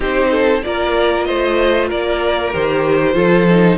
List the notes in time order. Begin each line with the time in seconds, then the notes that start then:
0.00 C4 D#4 G4 C5
0.30 A4
0.62 A#3 F4 A#4 D5
1.24 A3 C5 D#5
1.88 A#3 A#4 D5
2.52 D#3 G4 C5
3.13 F3 F4 A4
3.49 D#4